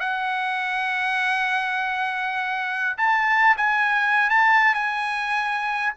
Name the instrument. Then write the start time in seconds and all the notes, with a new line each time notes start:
trumpet
0.00 F#5
2.97 A5
3.57 G#5
4.30 A5
4.74 G#5